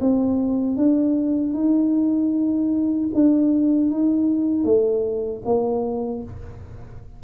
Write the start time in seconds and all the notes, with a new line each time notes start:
0.00 C4
0.77 D4
1.54 D#4
3.15 D4
3.91 D#4
4.64 A3
5.45 A#3